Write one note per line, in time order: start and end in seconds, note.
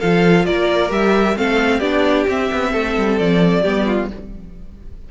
0.00 0.48 F3
0.00 0.89 F4
0.00 0.45 A4
0.00 0.46 F5
0.46 0.91 A#3
0.46 1.37 A#4
0.46 0.91 D5
0.89 1.36 G3
0.89 1.34 G4
0.89 1.38 E5
1.37 1.81 A3
1.37 1.82 C4
1.37 1.79 A4
1.37 1.80 F5
1.79 2.26 B3
1.79 2.28 D4
1.79 2.70 G4
1.79 2.25 D5
2.28 2.51 C4
2.28 3.65 C4
2.28 3.19 E5
2.52 2.74 B3
2.72 2.97 A3
2.72 3.63 A4
2.97 3.20 G3
3.19 3.65 F3
3.19 4.09 D5
3.63 4.11 G3
3.63 4.11 B3
3.63 3.86 G4
3.86 4.09 F4